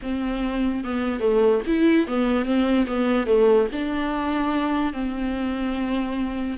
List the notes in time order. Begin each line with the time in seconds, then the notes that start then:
0.02 C4
0.84 B3
1.20 A3
1.66 E4
2.07 B3
2.45 C4
2.87 B3
3.26 A3
3.72 D4
4.93 C4